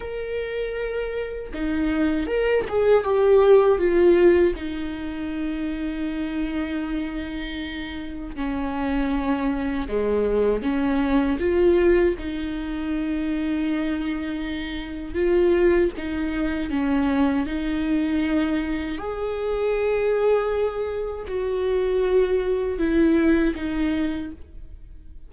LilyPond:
\new Staff \with { instrumentName = "viola" } { \time 4/4 \tempo 4 = 79 ais'2 dis'4 ais'8 gis'8 | g'4 f'4 dis'2~ | dis'2. cis'4~ | cis'4 gis4 cis'4 f'4 |
dis'1 | f'4 dis'4 cis'4 dis'4~ | dis'4 gis'2. | fis'2 e'4 dis'4 | }